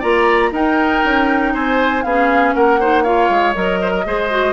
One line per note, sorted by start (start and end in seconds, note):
0.00 0.52 A#3
0.00 0.53 F4
0.00 0.50 D5
0.00 0.52 A#5
0.52 1.02 D#4
0.52 2.05 D#4
0.52 1.54 A#4
0.52 1.55 G5
1.05 1.55 C#4
1.54 2.04 C4
1.54 2.04 C5
1.54 2.03 G#5
2.03 2.55 B3
2.03 2.81 C#4
2.03 2.55 G#4
2.03 2.53 F5
2.55 3.30 A#3
2.55 2.80 A#4
2.55 3.03 F#5
2.80 3.06 D#4
2.80 3.04 C5
3.03 3.55 F4
3.03 3.79 C#5
3.03 3.54 F5
3.30 3.55 G#3
3.55 4.06 F#3
3.55 4.05 A#4
3.55 4.53 D#5
3.82 3.91 C5
3.91 4.04 A#4
4.05 4.53 G#3
4.05 4.31 G#4
4.05 4.53 C5
4.31 4.53 F#4